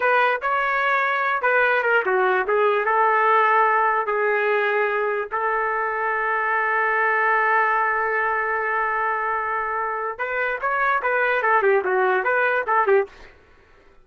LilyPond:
\new Staff \with { instrumentName = "trumpet" } { \time 4/4 \tempo 4 = 147 b'4 cis''2~ cis''8 b'8~ | b'8 ais'8 fis'4 gis'4 a'4~ | a'2 gis'2~ | gis'4 a'2.~ |
a'1~ | a'1~ | a'4 b'4 cis''4 b'4 | a'8 g'8 fis'4 b'4 a'8 g'8 | }